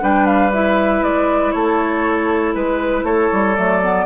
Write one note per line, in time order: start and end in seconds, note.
0.00 1.02 G3
0.00 0.51 D4
0.00 1.54 B4
0.00 0.26 G5
0.26 0.51 F5
0.53 3.56 E4
0.53 1.03 E5
1.02 1.53 G#3
1.02 1.51 D5
1.51 2.55 A3
1.51 2.54 A4
1.51 2.53 C#5
2.54 3.03 G#3
2.54 3.04 B4
3.03 3.29 A3
3.03 4.06 A4
3.03 3.55 C#5
3.32 3.58 G3
3.55 4.06 F#3
3.55 3.81 A3
3.55 4.06 D5
3.83 4.06 B3